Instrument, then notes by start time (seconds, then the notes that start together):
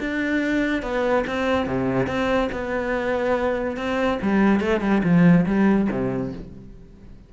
cello
0.00 D4
0.83 B3
1.27 C4
1.66 C3
2.07 C4
2.52 B3
3.77 C4
4.22 G3
4.61 A3
4.81 G3
5.04 F3
5.46 G3
5.91 C3